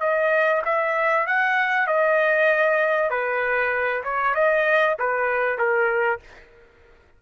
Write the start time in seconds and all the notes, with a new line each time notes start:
0.00 D#5
0.65 E5
1.26 F#5
1.87 D#5
3.10 B4
4.03 C#5
4.34 D#5
4.98 B4
5.58 A#4